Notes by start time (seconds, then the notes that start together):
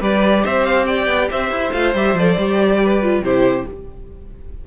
0.00 G3 G4 B4 D5
0.43 C4 C5 E5
0.65 F5
0.86 D5 G5
1.07 B3
1.30 C4 C5 E5
1.51 E4
1.72 A3 F4 F5
1.95 G3 G4 E5
2.14 F3 A4 D5
2.38 G3 G4
2.83 B4
3.03 F4
3.21 C3 E4 G4 C5